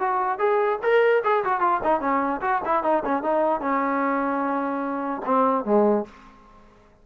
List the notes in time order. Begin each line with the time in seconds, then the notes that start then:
0.00 F#4
0.39 G#4
0.83 A#4
1.24 G#4
1.45 F#4
1.61 F4
1.84 D#4
2.01 C#4
2.42 F#4
2.65 E4
2.83 D#4
3.05 C#4
3.23 D#4
3.61 C#4
5.25 C4
5.65 G#3